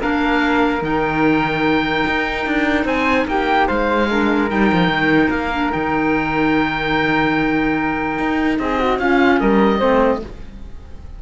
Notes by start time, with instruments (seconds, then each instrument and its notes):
0.00 cello A#3, clarinet D4, flute A#4, oboe F5
0.81 cello D#3, clarinet D#4, oboe G5
2.07 cello D#4
2.46 cello D4
2.85 cello C4, flute C5, oboe G#5
3.27 cello A#3, flute G4, oboe G5
3.67 cello G#3, flute C5, oboe F5
4.10 clarinet D4, flute A#4
4.48 cello G3, clarinet D#4, oboe G5
4.72 cello F3
4.88 cello D#3
5.30 cello A#3, oboe F5
5.52 clarinet D4
5.71 cello D#3, clarinet D#4, oboe G5
8.19 cello D#4
8.59 cello C4, flute G#4, oboe D#5
8.79 flute F#4
8.99 clarinet C#4, cello C#4, flute F4, oboe F5
9.40 cello G3, flute A#4, oboe D#5
9.78 cello A3, clarinet C4, flute C5